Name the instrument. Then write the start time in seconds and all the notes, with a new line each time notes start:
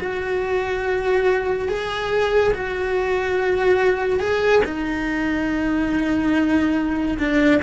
cello
0.00 F#4
1.69 G#4
2.54 F#4
4.20 G#4
4.64 D#4
7.19 D4